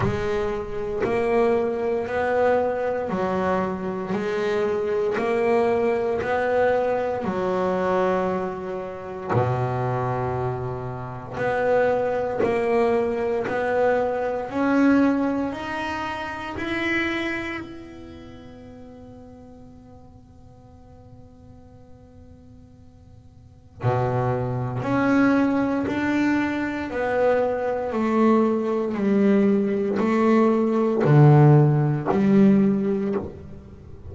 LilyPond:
\new Staff \with { instrumentName = "double bass" } { \time 4/4 \tempo 4 = 58 gis4 ais4 b4 fis4 | gis4 ais4 b4 fis4~ | fis4 b,2 b4 | ais4 b4 cis'4 dis'4 |
e'4 b2.~ | b2. b,4 | cis'4 d'4 b4 a4 | g4 a4 d4 g4 | }